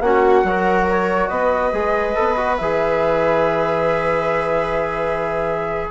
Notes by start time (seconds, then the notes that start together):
0.00 A#3 C#4 F#4 F#5
0.43 F#3 F#4 A#4
0.91 C#5
1.28 B3 B4 D#5
1.72 G#3 G#4
2.15 B3 A4
2.36 F#4
2.57 E3 G#4 E5